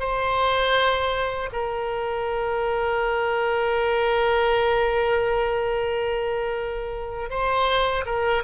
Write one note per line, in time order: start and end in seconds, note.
0.00 1.50 C5
1.53 7.31 A#4
7.31 8.06 C5
8.06 8.43 A#4